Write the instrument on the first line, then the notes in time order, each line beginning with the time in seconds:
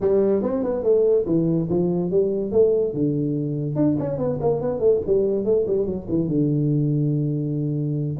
tuba
0.00 G3
0.42 C4
0.63 B3
0.83 A3
1.26 E3
1.69 F3
2.10 G3
2.51 A3
2.93 D3
3.75 D4
3.99 C#4
4.17 B3
4.40 A#3
4.61 B3
4.79 A3
5.06 G3
5.45 A3
5.67 G3
5.86 F#3
6.08 E3
6.28 D3